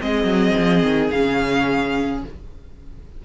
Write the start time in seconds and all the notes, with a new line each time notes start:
0.00 G#3 C4 G#4 D#5
0.24 F#3
0.57 F3
0.83 D#3
1.10 C#3 C#4 F5